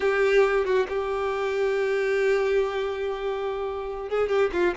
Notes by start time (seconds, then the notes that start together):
0.00 G4
0.65 F#4
0.88 G4
4.09 G#4
4.29 G4
4.52 F4